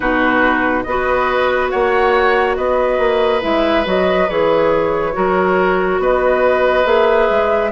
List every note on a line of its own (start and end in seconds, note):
0.00 0.84 B2
0.00 0.84 D#4
0.00 0.82 F#4
0.00 0.83 B4
0.83 1.71 B3
0.83 3.41 F#4
0.83 1.71 B4
0.83 1.69 D#5
1.70 2.57 A#3
1.70 2.56 C#5
1.70 2.55 F#5
2.56 2.98 B3
2.56 5.13 B4
2.56 3.41 D#5
2.98 3.41 A#3
3.41 3.86 G#3
3.41 3.84 E4
3.41 3.85 E5
3.84 4.28 F#3
3.84 4.27 F#4
3.84 4.29 D#5
4.29 5.15 E3
4.29 5.12 G#4
4.29 6.00 C#5
5.12 5.99 F#3
5.12 6.84 F#4
5.12 6.01 A#4
5.99 6.84 B3
5.99 7.71 B4
5.99 6.86 D#5
6.84 7.28 A#3
6.84 7.70 G#4
6.84 7.71 E5
7.30 7.71 G#3